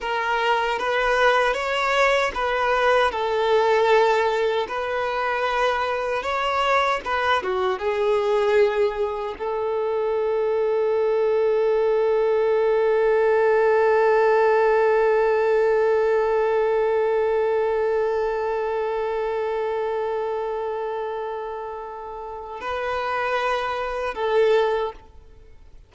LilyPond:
\new Staff \with { instrumentName = "violin" } { \time 4/4 \tempo 4 = 77 ais'4 b'4 cis''4 b'4 | a'2 b'2 | cis''4 b'8 fis'8 gis'2 | a'1~ |
a'1~ | a'1~ | a'1~ | a'4 b'2 a'4 | }